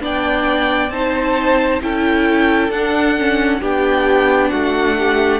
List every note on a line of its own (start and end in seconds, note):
0.00 0.89 B3
0.00 0.90 D4
0.00 0.92 D5
0.00 0.90 G5
0.89 1.79 C4
0.89 1.80 D#4
0.89 1.82 C5
0.89 1.79 A5
1.80 2.68 C#4
1.80 2.70 E4
1.80 3.60 A4
1.80 2.71 G5
2.68 3.58 D4
2.68 3.17 D4
2.68 3.60 F#5
3.18 3.60 C#4
3.60 4.51 B3
3.60 5.39 D4
3.60 4.50 G4
3.60 4.49 G5
4.49 5.39 A3
4.49 4.95 F#4
4.49 5.39 F#5
4.98 5.39 G4